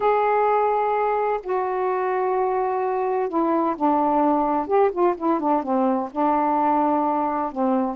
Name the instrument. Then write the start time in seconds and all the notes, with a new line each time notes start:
saxophone
0.00 G#4
1.43 F#4
3.28 E4
3.76 D4
4.67 G4
4.91 F4
5.17 E4
5.39 D4
5.62 C4
6.11 D4
7.52 C4